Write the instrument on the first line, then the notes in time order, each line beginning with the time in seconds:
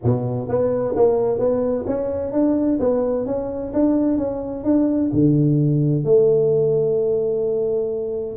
tuba
0.03 B2
0.48 B3
0.96 A#3
1.38 B3
1.86 C#4
2.32 D4
2.79 B3
3.26 C#4
3.73 D4
4.17 C#4
4.64 D4
5.13 D3
6.04 A3